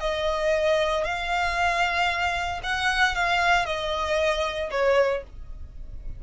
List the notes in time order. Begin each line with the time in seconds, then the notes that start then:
0.00 D#5
1.04 F5
2.63 F#5
3.15 F5
3.65 D#5
4.71 C#5